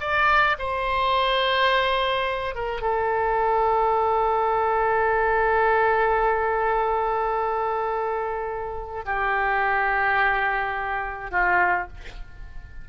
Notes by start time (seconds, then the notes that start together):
0.00 D5
0.59 C5
2.55 A#4
2.81 A4
9.05 G4
11.31 F4